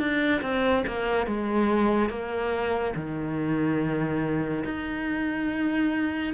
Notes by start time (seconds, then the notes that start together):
0.00 D4
0.42 C4
0.87 A#3
1.27 G#3
2.10 A#3
2.96 D#3
4.65 D#4